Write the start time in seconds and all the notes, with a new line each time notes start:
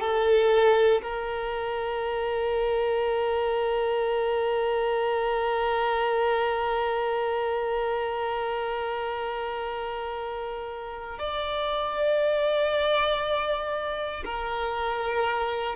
0.00 A4
1.02 A#4
11.19 D5
14.24 A#4